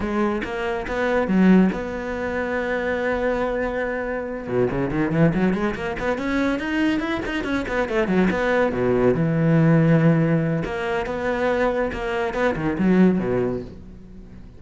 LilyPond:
\new Staff \with { instrumentName = "cello" } { \time 4/4 \tempo 4 = 141 gis4 ais4 b4 fis4 | b1~ | b2~ b8 b,8 cis8 dis8 | e8 fis8 gis8 ais8 b8 cis'4 dis'8~ |
dis'8 e'8 dis'8 cis'8 b8 a8 fis8 b8~ | b8 b,4 e2~ e8~ | e4 ais4 b2 | ais4 b8 dis8 fis4 b,4 | }